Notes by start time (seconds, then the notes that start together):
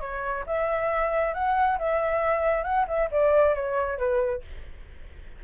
0.00 C#5
0.46 E5
1.34 F#5
1.78 E5
2.63 F#5
2.87 E5
3.11 D5
3.55 C#5
3.98 B4